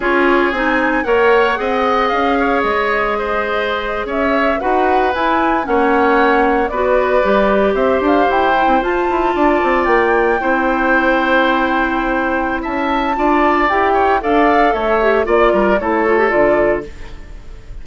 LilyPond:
<<
  \new Staff \with { instrumentName = "flute" } { \time 4/4 \tempo 4 = 114 cis''4 gis''4 fis''2 | f''4 dis''2~ dis''8. e''16~ | e''8. fis''4 gis''4 fis''4~ fis''16~ | fis''8. d''2 e''8 f''8 g''16~ |
g''8. a''2 g''4~ g''16~ | g''1 | a''2 g''4 f''4 | e''4 d''4 cis''4 d''4 | }
  \new Staff \with { instrumentName = "oboe" } { \time 4/4 gis'2 cis''4 dis''4~ | dis''8 cis''4. c''4.~ c''16 cis''16~ | cis''8. b'2 cis''4~ cis''16~ | cis''8. b'2 c''4~ c''16~ |
c''4.~ c''16 d''2 c''16~ | c''1 | e''4 d''4. cis''8 d''4 | cis''4 d''8 ais'8 a'2 | }
  \new Staff \with { instrumentName = "clarinet" } { \time 4/4 f'4 dis'4 ais'4 gis'4~ | gis'1~ | gis'8. fis'4 e'4 cis'4~ cis'16~ | cis'8. fis'4 g'2~ g'16~ |
g'16 e'8 f'2. e'16~ | e'1~ | e'4 f'4 g'4 a'4~ | a'8 g'8 f'4 e'8 f'16 g'16 f'4 | }
  \new Staff \with { instrumentName = "bassoon" } { \time 4/4 cis'4 c'4 ais4 c'4 | cis'4 gis2~ gis8. cis'16~ | cis'8. dis'4 e'4 ais4~ ais16~ | ais8. b4 g4 c'8 d'8 e'16~ |
e'8 c'16 f'8 e'8 d'8 c'8 ais4 c'16~ | c'1 | cis'4 d'4 e'4 d'4 | a4 ais8 g8 a4 d4 | }
>>